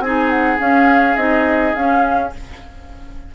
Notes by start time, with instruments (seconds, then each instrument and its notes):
0.00 bassoon C4, clarinet D#4, oboe G#4, flute G#5
0.30 flute F#5
0.59 clarinet C#4, bassoon C#4, flute F5
1.17 bassoon C4, clarinet D#4, flute D#5
1.75 bassoon C#4, clarinet C#4, flute F5